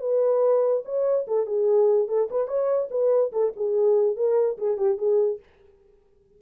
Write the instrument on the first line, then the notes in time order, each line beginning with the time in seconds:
horn
0.00 B4
0.85 C#5
1.28 A4
1.46 G#4
2.08 A4
2.30 B4
2.47 C#5
2.90 B4
3.32 A4
3.56 G#4
4.16 A#4
4.58 G#4
4.77 G4
4.98 G#4